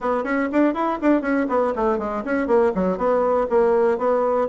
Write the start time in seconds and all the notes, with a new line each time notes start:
0.00 B3
0.24 C#4
0.51 D4
0.74 E4
1.01 D4
1.21 C#4
1.49 B3
1.75 A3
1.98 G#3
2.24 C#4
2.47 A#3
2.74 F#3
2.97 B3
3.49 A#3
3.98 B3